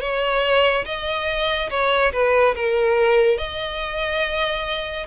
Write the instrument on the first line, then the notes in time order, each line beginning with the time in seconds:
violin
0.00 C#5
0.85 D#5
1.69 C#5
2.12 B4
2.55 A#4
3.37 D#5